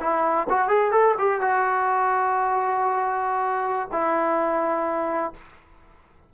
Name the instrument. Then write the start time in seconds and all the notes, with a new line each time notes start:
trombone
0.00 E4
0.49 F#4
0.68 G#4
0.92 A4
1.18 G4
1.41 F#4
3.92 E4